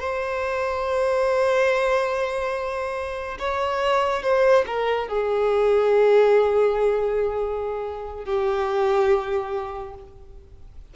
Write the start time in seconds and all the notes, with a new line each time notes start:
0.00 C5
3.40 C#5
4.23 C5
4.67 A#4
5.09 G#4
8.25 G4